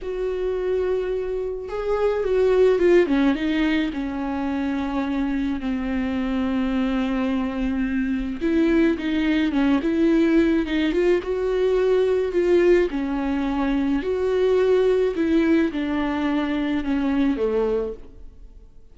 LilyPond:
\new Staff \with { instrumentName = "viola" } { \time 4/4 \tempo 4 = 107 fis'2. gis'4 | fis'4 f'8 cis'8 dis'4 cis'4~ | cis'2 c'2~ | c'2. e'4 |
dis'4 cis'8 e'4. dis'8 f'8 | fis'2 f'4 cis'4~ | cis'4 fis'2 e'4 | d'2 cis'4 a4 | }